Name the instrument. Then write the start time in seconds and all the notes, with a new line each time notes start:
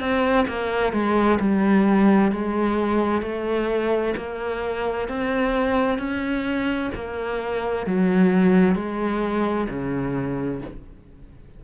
cello
0.00 C4
0.47 A#3
0.93 G#3
1.40 G3
2.31 G#3
3.22 A3
4.17 A#3
5.08 C4
5.98 C#4
6.94 A#3
7.86 F#3
8.75 G#3
9.69 C#3